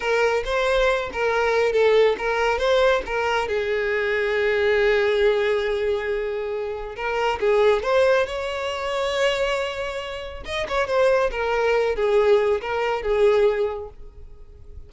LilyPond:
\new Staff \with { instrumentName = "violin" } { \time 4/4 \tempo 4 = 138 ais'4 c''4. ais'4. | a'4 ais'4 c''4 ais'4 | gis'1~ | gis'1 |
ais'4 gis'4 c''4 cis''4~ | cis''1 | dis''8 cis''8 c''4 ais'4. gis'8~ | gis'4 ais'4 gis'2 | }